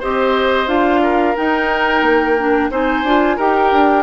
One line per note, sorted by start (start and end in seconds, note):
0.00 0.67 C4
0.00 0.67 G4
0.00 1.01 C5
0.00 0.69 D#5
0.67 1.35 D4
0.67 1.35 F4
0.67 1.36 F5
1.02 2.71 A#4
1.36 2.37 D#4
1.36 2.02 D#4
1.36 2.71 G5
2.02 2.70 A#3
2.39 2.71 D4
2.71 3.04 C4
2.71 3.04 D#4
2.71 3.37 C5
2.71 3.39 G#5
3.04 3.37 D4
3.04 3.39 F4
3.37 3.72 D#4
3.37 4.04 G4
3.37 4.04 A#4
3.37 4.04 G5
3.72 4.04 D4